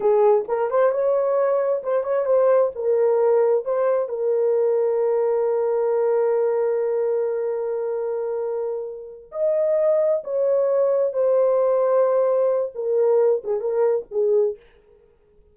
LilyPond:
\new Staff \with { instrumentName = "horn" } { \time 4/4 \tempo 4 = 132 gis'4 ais'8 c''8 cis''2 | c''8 cis''8 c''4 ais'2 | c''4 ais'2.~ | ais'1~ |
ais'1~ | ais'8 dis''2 cis''4.~ | cis''8 c''2.~ c''8 | ais'4. gis'8 ais'4 gis'4 | }